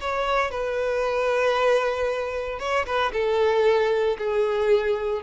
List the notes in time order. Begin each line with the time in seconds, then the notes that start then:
0.00 C#5
0.50 B4
2.59 C#5
2.86 B4
3.13 A4
4.18 G#4